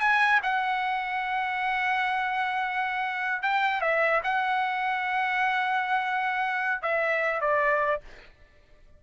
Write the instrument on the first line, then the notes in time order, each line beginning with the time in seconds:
trumpet
0.00 G#5
0.42 F#5
3.42 G5
3.81 E5
4.23 F#5
6.81 E5
7.40 D5